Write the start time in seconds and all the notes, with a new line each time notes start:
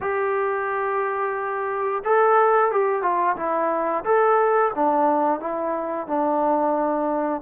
0.01 G4
2.04 A4
2.71 G4
3.02 F4
3.36 E4
4.04 A4
4.75 D4
5.39 E4
6.07 D4